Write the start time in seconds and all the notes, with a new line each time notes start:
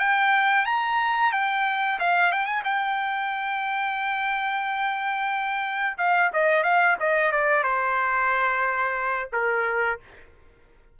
0.00 G5
0.66 A#5
1.32 G5
2.00 F5
2.32 G5
2.46 G#5
2.65 G5
5.98 F5
6.34 D#5
6.64 F5
7.00 D#5
7.32 D5
7.64 C5
9.33 A#4